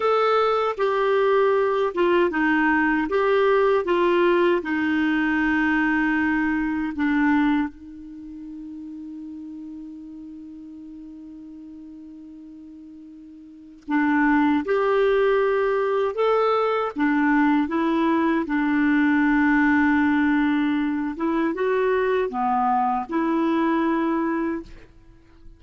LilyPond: \new Staff \with { instrumentName = "clarinet" } { \time 4/4 \tempo 4 = 78 a'4 g'4. f'8 dis'4 | g'4 f'4 dis'2~ | dis'4 d'4 dis'2~ | dis'1~ |
dis'2 d'4 g'4~ | g'4 a'4 d'4 e'4 | d'2.~ d'8 e'8 | fis'4 b4 e'2 | }